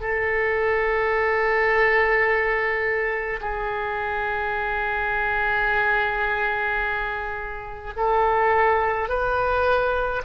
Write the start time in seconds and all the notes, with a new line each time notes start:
0.00 A4
3.41 G#4
7.96 A4
9.09 B4